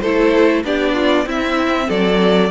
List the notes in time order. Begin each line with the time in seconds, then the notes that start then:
0.00 A3 E4 A4 C5
0.64 B3 D4 G4 D5
0.94 F4
1.25 C4 E4 E5
1.88 F#3 A4 D5